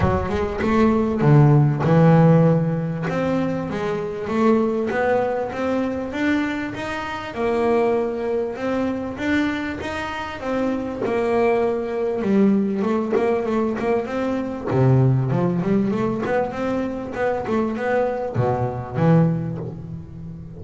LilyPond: \new Staff \with { instrumentName = "double bass" } { \time 4/4 \tempo 4 = 98 fis8 gis8 a4 d4 e4~ | e4 c'4 gis4 a4 | b4 c'4 d'4 dis'4 | ais2 c'4 d'4 |
dis'4 c'4 ais2 | g4 a8 ais8 a8 ais8 c'4 | c4 f8 g8 a8 b8 c'4 | b8 a8 b4 b,4 e4 | }